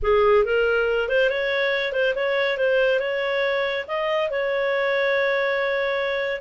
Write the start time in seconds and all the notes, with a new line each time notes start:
0.02 G#4
0.44 A#4
1.08 C5
1.29 C#5
1.92 C5
2.15 C#5
2.57 C5
2.99 C#5
3.87 D#5
4.30 C#5